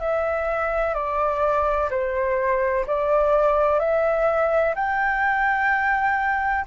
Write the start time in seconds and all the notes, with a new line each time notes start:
0.00 E5
0.94 D5
1.90 C5
2.87 D5
3.79 E5
4.75 G5